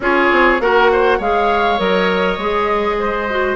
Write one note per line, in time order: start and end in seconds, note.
0.00 0.29 C#4
0.00 0.60 F4
0.00 0.61 G#4
0.00 0.60 C#5
0.32 0.60 C4
0.60 1.19 A#3
0.60 1.20 F#4
0.60 0.91 A#4
0.60 1.20 F#5
0.92 1.17 C5
1.17 1.79 G#3
1.17 1.78 G#4
1.17 2.96 C#5
1.17 1.79 F5
1.78 2.37 F#3
1.78 2.37 A#4
1.78 3.55 D#5
2.37 3.55 G#3
2.37 3.29 G#4
2.99 3.55 C5
3.29 3.55 F#4